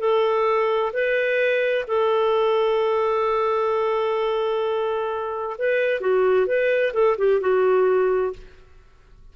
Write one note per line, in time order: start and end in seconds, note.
0.00 0.92 A4
0.93 1.85 B4
1.88 5.57 A4
5.58 6.01 B4
6.01 6.47 F#4
6.47 6.93 B4
6.94 7.17 A4
7.18 7.41 G4
7.41 8.33 F#4